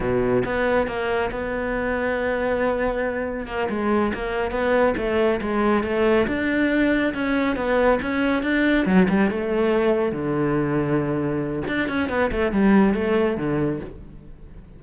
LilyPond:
\new Staff \with { instrumentName = "cello" } { \time 4/4 \tempo 4 = 139 b,4 b4 ais4 b4~ | b1 | ais8 gis4 ais4 b4 a8~ | a8 gis4 a4 d'4.~ |
d'8 cis'4 b4 cis'4 d'8~ | d'8 fis8 g8 a2 d8~ | d2. d'8 cis'8 | b8 a8 g4 a4 d4 | }